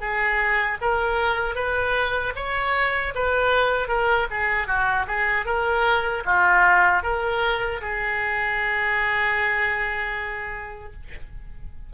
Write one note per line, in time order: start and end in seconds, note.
0.00 0.78 G#4
0.81 1.55 A#4
1.55 2.33 B4
2.36 3.13 C#5
3.15 3.88 B4
3.88 4.27 A#4
4.30 4.67 G#4
4.67 5.06 F#4
5.07 5.45 G#4
5.45 6.23 A#4
6.25 7.03 F4
7.03 7.81 A#4
7.81 10.93 G#4